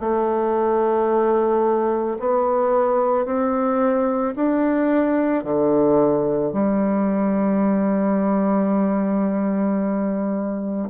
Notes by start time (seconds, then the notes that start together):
0.00 A3
2.20 B3
3.25 C4
4.36 D4
5.44 D3
6.53 G3